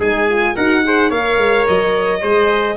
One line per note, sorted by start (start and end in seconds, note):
0.00 0.56 G#3
0.00 0.29 D#4
0.00 0.56 G#4
0.00 0.56 G#5
0.29 0.57 F4
0.56 1.11 D#4
0.56 0.85 F#4
0.56 0.84 A#4
0.56 1.11 F#5
0.85 1.12 G#4
0.85 1.10 C5
1.10 1.38 A#3
1.10 2.23 A#4
1.10 2.21 C#5
1.10 1.67 F5
1.38 1.66 G#3
1.68 2.23 F#3
1.68 2.77 D#5
2.21 2.77 G#3
2.21 2.77 G#4
2.21 2.77 C5